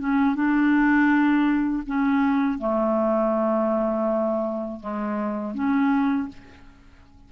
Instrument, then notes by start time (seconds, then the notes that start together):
clarinet
0.00 C#4
0.35 D4
1.87 C#4
2.59 A3
4.80 G#3
5.55 C#4